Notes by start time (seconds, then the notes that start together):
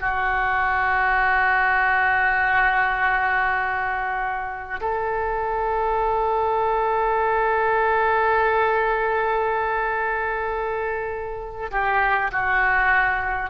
0.00 F#4
4.81 A4
11.71 G4
12.32 F#4